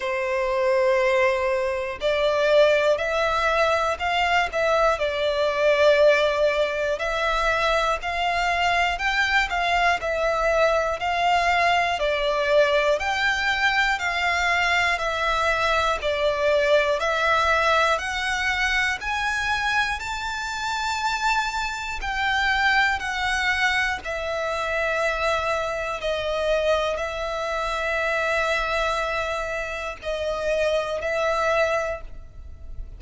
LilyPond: \new Staff \with { instrumentName = "violin" } { \time 4/4 \tempo 4 = 60 c''2 d''4 e''4 | f''8 e''8 d''2 e''4 | f''4 g''8 f''8 e''4 f''4 | d''4 g''4 f''4 e''4 |
d''4 e''4 fis''4 gis''4 | a''2 g''4 fis''4 | e''2 dis''4 e''4~ | e''2 dis''4 e''4 | }